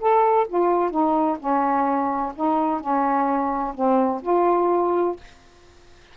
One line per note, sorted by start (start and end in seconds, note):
0.00 0.47 A4
0.48 0.90 F4
0.90 1.37 D#4
1.39 2.33 C#4
2.35 2.80 D#4
2.80 3.74 C#4
3.74 4.21 C4
4.22 5.16 F4